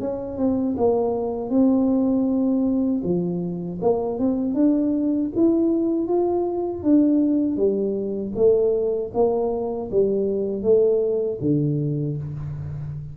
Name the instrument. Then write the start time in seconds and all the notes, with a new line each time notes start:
tuba
0.00 C#4
0.38 C4
0.77 A#3
1.50 C4
3.04 F3
3.81 A#3
4.19 C4
4.54 D4
5.36 E4
6.07 F4
6.83 D4
7.56 G3
8.35 A3
9.14 A#3
9.91 G3
10.63 A3
11.41 D3